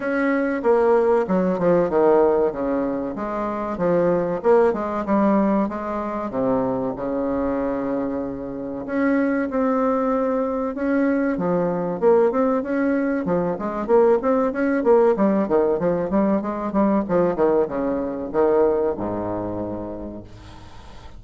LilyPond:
\new Staff \with { instrumentName = "bassoon" } { \time 4/4 \tempo 4 = 95 cis'4 ais4 fis8 f8 dis4 | cis4 gis4 f4 ais8 gis8 | g4 gis4 c4 cis4~ | cis2 cis'4 c'4~ |
c'4 cis'4 f4 ais8 c'8 | cis'4 f8 gis8 ais8 c'8 cis'8 ais8 | g8 dis8 f8 g8 gis8 g8 f8 dis8 | cis4 dis4 gis,2 | }